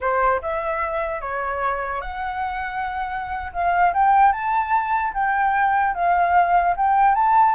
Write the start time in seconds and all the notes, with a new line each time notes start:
0.01 C5
0.41 E5
1.21 C#5
2.01 F#5
3.52 F5
3.93 G5
4.32 A5
5.13 G5
5.94 F5
6.76 G5
7.14 A5